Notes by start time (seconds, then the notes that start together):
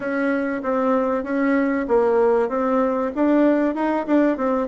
0.00 C#4
0.62 C4
1.23 C#4
1.88 A#3
2.48 C4
3.15 D4
3.74 D#4
4.06 D4
4.37 C4